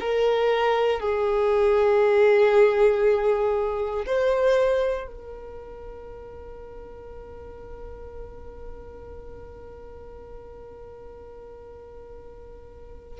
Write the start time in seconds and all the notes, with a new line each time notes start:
0.00 A#4
1.00 G#4
4.06 C5
5.07 A#4